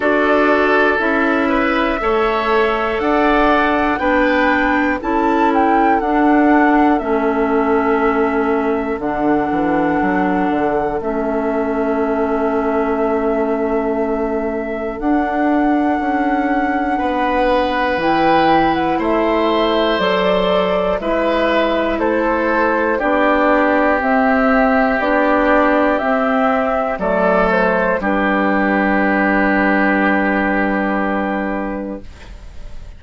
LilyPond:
<<
  \new Staff \with { instrumentName = "flute" } { \time 4/4 \tempo 4 = 60 d''4 e''2 fis''4 | g''4 a''8 g''8 fis''4 e''4~ | e''4 fis''2 e''4~ | e''2. fis''4~ |
fis''2 g''8. fis''16 e''4 | d''4 e''4 c''4 d''4 | e''4 d''4 e''4 d''8 c''8 | b'1 | }
  \new Staff \with { instrumentName = "oboe" } { \time 4/4 a'4. b'8 cis''4 d''4 | b'4 a'2.~ | a'1~ | a'1~ |
a'4 b'2 c''4~ | c''4 b'4 a'4 g'4~ | g'2. a'4 | g'1 | }
  \new Staff \with { instrumentName = "clarinet" } { \time 4/4 fis'4 e'4 a'2 | d'4 e'4 d'4 cis'4~ | cis'4 d'2 cis'4~ | cis'2. d'4~ |
d'2 e'2 | a'4 e'2 d'4 | c'4 d'4 c'4 a4 | d'1 | }
  \new Staff \with { instrumentName = "bassoon" } { \time 4/4 d'4 cis'4 a4 d'4 | b4 cis'4 d'4 a4~ | a4 d8 e8 fis8 d8 a4~ | a2. d'4 |
cis'4 b4 e4 a4 | fis4 gis4 a4 b4 | c'4 b4 c'4 fis4 | g1 | }
>>